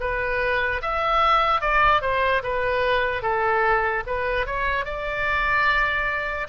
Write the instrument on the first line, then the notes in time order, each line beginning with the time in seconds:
oboe
0.00 B4
0.81 E5
1.61 D5
2.01 C5
2.43 B4
3.22 A4
4.06 B4
4.46 C#5
4.85 D5